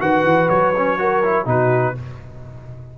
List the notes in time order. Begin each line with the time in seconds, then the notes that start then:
0.00 D#3 F#4 B4 F#5
0.24 E3
0.49 F#3 C#5
0.77 C#4
0.98 F#4 A#4
1.23 E4
1.46 B2 D#4 F#4 B4